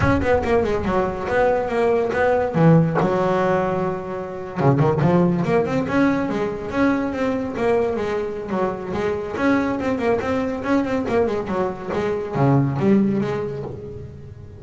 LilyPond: \new Staff \with { instrumentName = "double bass" } { \time 4/4 \tempo 4 = 141 cis'8 b8 ais8 gis8 fis4 b4 | ais4 b4 e4 fis4~ | fis2~ fis8. cis8 dis8 f16~ | f8. ais8 c'8 cis'4 gis4 cis'16~ |
cis'8. c'4 ais4 gis4~ gis16 | fis4 gis4 cis'4 c'8 ais8 | c'4 cis'8 c'8 ais8 gis8 fis4 | gis4 cis4 g4 gis4 | }